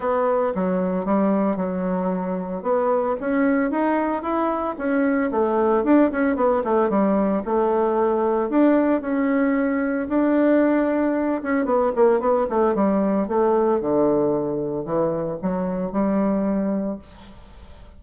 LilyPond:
\new Staff \with { instrumentName = "bassoon" } { \time 4/4 \tempo 4 = 113 b4 fis4 g4 fis4~ | fis4 b4 cis'4 dis'4 | e'4 cis'4 a4 d'8 cis'8 | b8 a8 g4 a2 |
d'4 cis'2 d'4~ | d'4. cis'8 b8 ais8 b8 a8 | g4 a4 d2 | e4 fis4 g2 | }